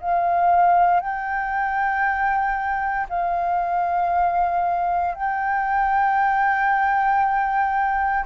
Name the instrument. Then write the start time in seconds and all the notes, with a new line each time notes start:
flute
0.00 F5
1.00 G5
3.09 F5
5.14 G5